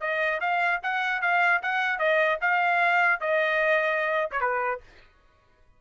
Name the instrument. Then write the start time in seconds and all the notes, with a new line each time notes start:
trumpet
0.00 D#5
0.40 F5
0.82 F#5
1.21 F5
1.62 F#5
1.99 D#5
2.41 F5
3.20 D#5
4.31 C#5
4.41 B4